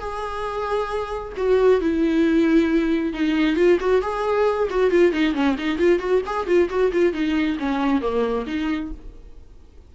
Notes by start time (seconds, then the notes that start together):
0.00 G#4
1.37 F#4
1.81 E4
3.14 D#4
3.57 F4
3.80 F#4
4.02 G#4
4.71 F#4
4.91 F4
5.13 D#4
5.35 C#4
5.59 D#4
5.79 F4
6.00 F#4
6.27 G#4
6.47 F4
6.70 F#4
6.93 F4
7.14 D#4
7.60 C#4
8.02 A#3
8.47 D#4